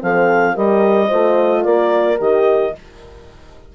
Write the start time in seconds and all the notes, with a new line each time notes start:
0.00 F3 C4 A4 F5
0.55 G3 G4 A#4 D#5
1.08 A3 F4 C5
1.63 A#3 A#4 D5
2.19 D#3 G4 D#5